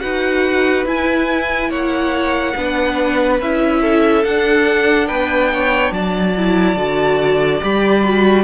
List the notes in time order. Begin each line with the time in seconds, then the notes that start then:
0.00 D#4 F#4 B4 F#5
0.86 E4 G#5
1.70 A#3 C#5 F#5
2.56 B3 D4 B4
3.40 C#4 E4 E5
3.81 A4
4.24 D4 F#5
5.07 B3 B4 G5
5.54 C#5
5.92 F#3 D5 A5
6.37 E4
6.76 D3 F#4
7.61 G3 G4 B5
8.05 F#4